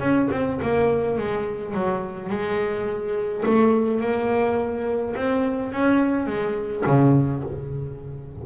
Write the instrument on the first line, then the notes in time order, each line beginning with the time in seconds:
double bass
0.00 C#4
0.31 C4
0.62 A#3
1.18 G#3
1.74 F#3
2.29 G#3
3.45 A3
4.01 A#3
5.15 C4
5.72 C#4
6.27 G#3
6.86 C#3